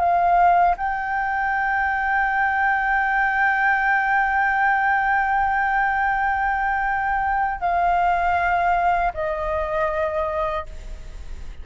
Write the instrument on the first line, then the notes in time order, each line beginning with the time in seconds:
flute
0.00 F5
0.78 G5
7.61 F5
9.14 D#5